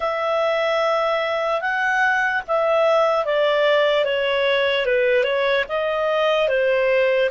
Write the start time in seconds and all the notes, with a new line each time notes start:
0.00 E5
1.61 F#5
2.47 E5
3.25 D5
4.04 C#5
4.85 B4
5.23 C#5
5.68 D#5
6.48 C5